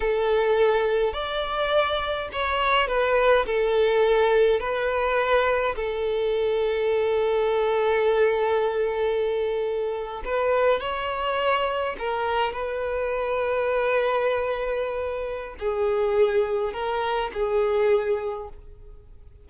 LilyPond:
\new Staff \with { instrumentName = "violin" } { \time 4/4 \tempo 4 = 104 a'2 d''2 | cis''4 b'4 a'2 | b'2 a'2~ | a'1~ |
a'4.~ a'16 b'4 cis''4~ cis''16~ | cis''8. ais'4 b'2~ b'16~ | b'2. gis'4~ | gis'4 ais'4 gis'2 | }